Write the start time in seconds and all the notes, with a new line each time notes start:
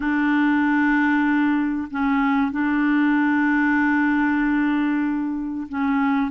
0.00 D4
1.91 C#4
2.51 D4
5.68 C#4